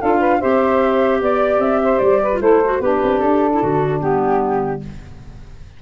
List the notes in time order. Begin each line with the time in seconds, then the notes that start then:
0.00 D4 F4 A4 F5
0.20 B4
0.40 C4 G4 C5 E5
1.22 B3 D5
1.59 C4 E5
1.83 C5
1.98 G3 D5
2.22 B4
2.33 F4
2.40 A3 E4 A4 C5
2.65 F#4
2.81 B3 D4 G4 B4
3.03 C4
3.20 D4 A4
3.53 E4
3.62 D3 F#4
4.00 G3 B3 G4